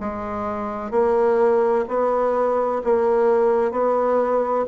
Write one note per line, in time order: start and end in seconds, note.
0.00 0.91 G#3
0.91 1.85 A#3
1.88 2.82 B3
2.84 3.71 A#3
3.71 4.65 B3